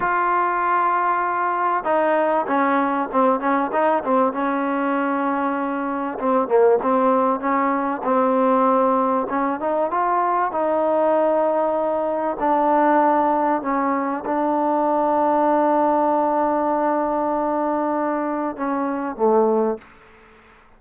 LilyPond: \new Staff \with { instrumentName = "trombone" } { \time 4/4 \tempo 4 = 97 f'2. dis'4 | cis'4 c'8 cis'8 dis'8 c'8 cis'4~ | cis'2 c'8 ais8 c'4 | cis'4 c'2 cis'8 dis'8 |
f'4 dis'2. | d'2 cis'4 d'4~ | d'1~ | d'2 cis'4 a4 | }